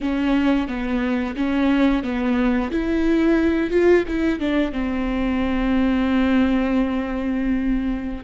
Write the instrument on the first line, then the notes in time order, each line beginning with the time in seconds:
viola
0.00 C#4
0.67 B3
1.36 C#4
2.03 B3
2.71 E4
3.70 F4
4.08 E4
4.39 D4
4.72 C4